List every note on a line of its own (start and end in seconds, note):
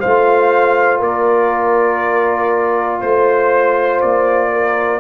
0.00 1.01 A3
0.00 5.00 F4
0.00 0.99 C5
0.00 1.01 F5
0.99 3.01 A#3
0.99 2.99 A#4
0.99 3.01 D5
3.01 4.02 A3
3.01 4.51 C5
3.01 4.01 C5
4.01 5.00 A#3
4.01 5.00 D5
4.53 5.00 A#4